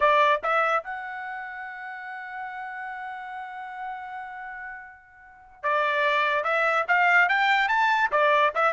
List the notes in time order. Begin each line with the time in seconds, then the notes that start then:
0.00 D5
0.43 E5
0.83 F#5
5.62 D5
6.43 E5
6.87 F5
7.28 G5
7.68 A5
8.11 D5
8.55 E5